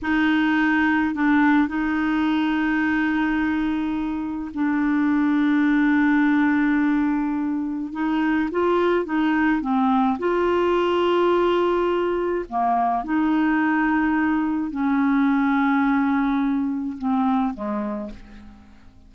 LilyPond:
\new Staff \with { instrumentName = "clarinet" } { \time 4/4 \tempo 4 = 106 dis'2 d'4 dis'4~ | dis'1 | d'1~ | d'2 dis'4 f'4 |
dis'4 c'4 f'2~ | f'2 ais4 dis'4~ | dis'2 cis'2~ | cis'2 c'4 gis4 | }